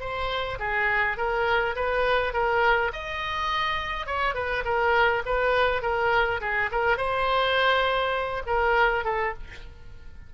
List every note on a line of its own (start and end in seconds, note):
0.00 0.58 C5
0.59 1.17 G#4
1.17 1.75 A#4
1.76 2.33 B4
2.33 2.92 A#4
2.93 4.06 D#5
4.06 4.35 C#5
4.35 4.64 B4
4.65 5.23 A#4
5.26 5.82 B4
5.82 6.41 A#4
6.41 6.70 G#4
6.72 6.97 A#4
6.97 8.43 C5
8.47 9.05 A#4
9.05 9.34 A4